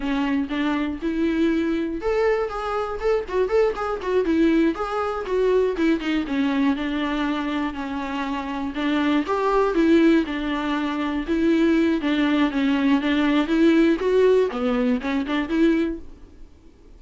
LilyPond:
\new Staff \with { instrumentName = "viola" } { \time 4/4 \tempo 4 = 120 cis'4 d'4 e'2 | a'4 gis'4 a'8 fis'8 a'8 gis'8 | fis'8 e'4 gis'4 fis'4 e'8 | dis'8 cis'4 d'2 cis'8~ |
cis'4. d'4 g'4 e'8~ | e'8 d'2 e'4. | d'4 cis'4 d'4 e'4 | fis'4 b4 cis'8 d'8 e'4 | }